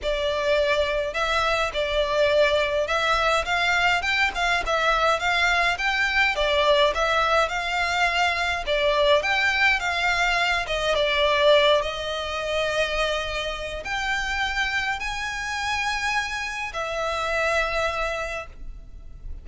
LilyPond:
\new Staff \with { instrumentName = "violin" } { \time 4/4 \tempo 4 = 104 d''2 e''4 d''4~ | d''4 e''4 f''4 g''8 f''8 | e''4 f''4 g''4 d''4 | e''4 f''2 d''4 |
g''4 f''4. dis''8 d''4~ | d''8 dis''2.~ dis''8 | g''2 gis''2~ | gis''4 e''2. | }